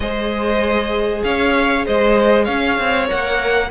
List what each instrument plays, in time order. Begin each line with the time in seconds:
0.00 cello G#3, viola G#4, violin C5 D#5
1.23 cello C#4, violin C#5 F5
1.86 cello G#3, violin C5 D#5
2.44 cello C#4, violin C#5 F5
2.79 cello C4
3.07 cello A#3, viola A#4, violin F#5